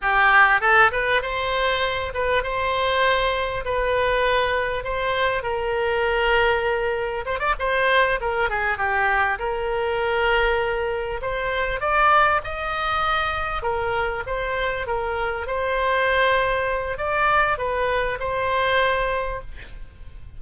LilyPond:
\new Staff \with { instrumentName = "oboe" } { \time 4/4 \tempo 4 = 99 g'4 a'8 b'8 c''4. b'8 | c''2 b'2 | c''4 ais'2. | c''16 d''16 c''4 ais'8 gis'8 g'4 ais'8~ |
ais'2~ ais'8 c''4 d''8~ | d''8 dis''2 ais'4 c''8~ | c''8 ais'4 c''2~ c''8 | d''4 b'4 c''2 | }